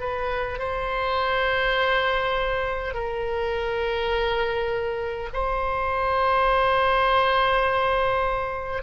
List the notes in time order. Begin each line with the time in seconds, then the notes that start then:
0.00 B4
0.59 C5
2.94 A#4
5.33 C5